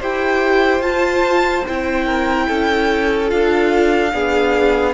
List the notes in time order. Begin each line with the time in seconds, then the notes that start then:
0.00 E4 G4 C5 G5
0.80 F4 A5
1.68 C4 E4 G5
2.06 A#4
2.48 C#4 A4
3.28 D4 F4 F5
4.13 B3 D4 G#4